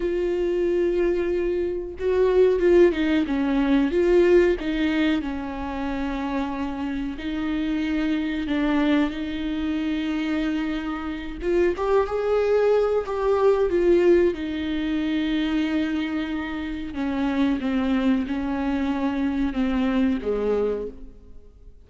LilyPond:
\new Staff \with { instrumentName = "viola" } { \time 4/4 \tempo 4 = 92 f'2. fis'4 | f'8 dis'8 cis'4 f'4 dis'4 | cis'2. dis'4~ | dis'4 d'4 dis'2~ |
dis'4. f'8 g'8 gis'4. | g'4 f'4 dis'2~ | dis'2 cis'4 c'4 | cis'2 c'4 gis4 | }